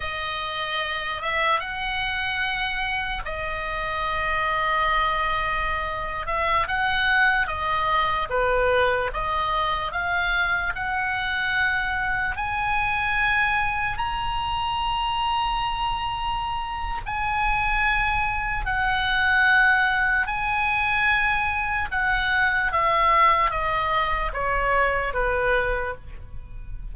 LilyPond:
\new Staff \with { instrumentName = "oboe" } { \time 4/4 \tempo 4 = 74 dis''4. e''8 fis''2 | dis''2.~ dis''8. e''16~ | e''16 fis''4 dis''4 b'4 dis''8.~ | dis''16 f''4 fis''2 gis''8.~ |
gis''4~ gis''16 ais''2~ ais''8.~ | ais''4 gis''2 fis''4~ | fis''4 gis''2 fis''4 | e''4 dis''4 cis''4 b'4 | }